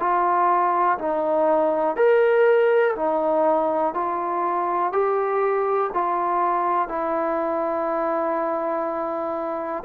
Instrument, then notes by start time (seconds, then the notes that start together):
trombone
0.00 F4
0.99 D#4
1.97 A#4
2.96 D#4
3.94 F4
4.93 G4
5.94 F4
6.89 E4